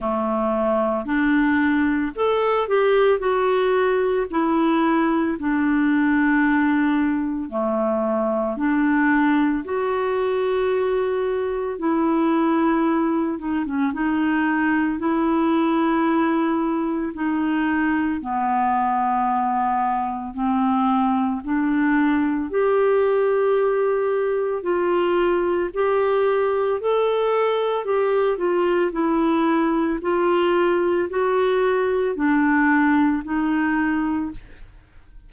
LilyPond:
\new Staff \with { instrumentName = "clarinet" } { \time 4/4 \tempo 4 = 56 a4 d'4 a'8 g'8 fis'4 | e'4 d'2 a4 | d'4 fis'2 e'4~ | e'8 dis'16 cis'16 dis'4 e'2 |
dis'4 b2 c'4 | d'4 g'2 f'4 | g'4 a'4 g'8 f'8 e'4 | f'4 fis'4 d'4 dis'4 | }